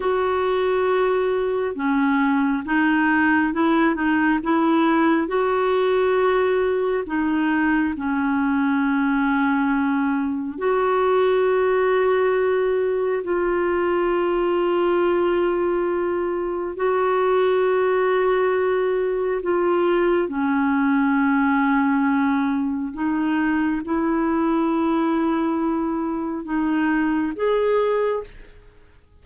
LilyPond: \new Staff \with { instrumentName = "clarinet" } { \time 4/4 \tempo 4 = 68 fis'2 cis'4 dis'4 | e'8 dis'8 e'4 fis'2 | dis'4 cis'2. | fis'2. f'4~ |
f'2. fis'4~ | fis'2 f'4 cis'4~ | cis'2 dis'4 e'4~ | e'2 dis'4 gis'4 | }